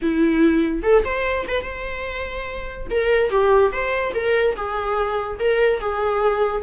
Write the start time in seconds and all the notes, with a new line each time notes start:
0.02 E4
0.83 A4
1.05 C5
1.47 B4
1.63 C5
2.90 A#4
3.30 G4
3.71 C5
4.14 A#4
4.56 G#4
5.39 A#4
5.79 G#4